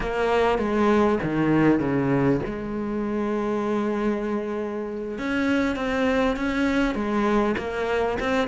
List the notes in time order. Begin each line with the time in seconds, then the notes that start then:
0.00 A#3
0.58 G#3
1.23 D#3
1.79 C#3
2.45 G#3
5.18 C#4
5.76 C4
6.36 C#4
6.94 G#3
7.57 A#3
8.19 C4